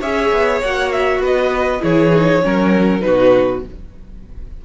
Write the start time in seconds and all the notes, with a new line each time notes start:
0.00 C#4 G#4 C#5 E5
0.31 B3
0.62 A#3 F#4 F#5
0.91 E5
1.19 B3 B4 D#5
1.80 E3 E4 G#4 C#5
2.13 D#4
2.42 F#3 C#4 A#4
3.00 B2 D#4 F#4 B4